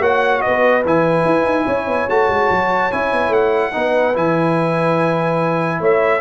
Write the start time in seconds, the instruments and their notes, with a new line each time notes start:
0.00 tuba A#3, trombone F#4, horn C#5, trumpet F#5
0.41 horn B4, trumpet D#5
0.48 tuba B3
0.85 tuba E3, trombone E4, trumpet G#5
1.25 tuba E4
1.45 tuba D#4
1.66 tuba C#4, horn C#5
1.87 tuba B3
2.09 tuba A3, trombone F#4, trumpet A5
2.29 tuba G#3
2.50 tuba F#3
2.92 tuba C#4, trombone E4, trumpet G#5
3.12 tuba B3
3.29 tuba A3, trumpet F#5
3.73 tuba B3, trombone D#4, horn B4
4.15 tuba E3, trombone E4, trumpet G#5
5.80 tuba A3, horn C#5, trumpet E5